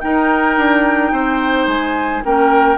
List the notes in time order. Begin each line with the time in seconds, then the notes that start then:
0.00 D#4 A#4 G5
0.57 D4
1.12 C4 C5
1.67 G#3 G#5
2.24 A#3 C#4 A#4 G5